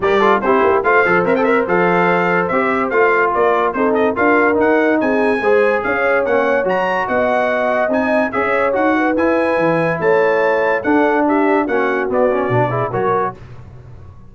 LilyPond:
<<
  \new Staff \with { instrumentName = "trumpet" } { \time 4/4 \tempo 4 = 144 d''4 c''4 f''4 e''16 g''16 e''8 | f''2 e''4 f''4 | d''4 c''8 dis''8 f''4 fis''4 | gis''2 f''4 fis''4 |
ais''4 fis''2 gis''4 | e''4 fis''4 gis''2 | a''2 fis''4 e''4 | fis''4 d''2 cis''4 | }
  \new Staff \with { instrumentName = "horn" } { \time 4/4 ais'8 a'8 g'4 c''2~ | c''1 | ais'4 a'4 ais'2 | gis'4 c''4 cis''2~ |
cis''4 dis''2. | cis''4. b'2~ b'8 | cis''2 a'4 g'4 | fis'2~ fis'8 gis'8 ais'4 | }
  \new Staff \with { instrumentName = "trombone" } { \time 4/4 g'8 f'8 e'4 f'8 a'8 ais'16 a'16 ais'8 | a'2 g'4 f'4~ | f'4 dis'4 f'4 dis'4~ | dis'4 gis'2 cis'4 |
fis'2. dis'4 | gis'4 fis'4 e'2~ | e'2 d'2 | cis'4 b8 cis'8 d'8 e'8 fis'4 | }
  \new Staff \with { instrumentName = "tuba" } { \time 4/4 g4 c'8 ais8 a8 f8 c'4 | f2 c'4 a4 | ais4 c'4 d'4 dis'4 | c'4 gis4 cis'4 ais4 |
fis4 b2 c'4 | cis'4 dis'4 e'4 e4 | a2 d'2 | ais4 b4 b,4 fis4 | }
>>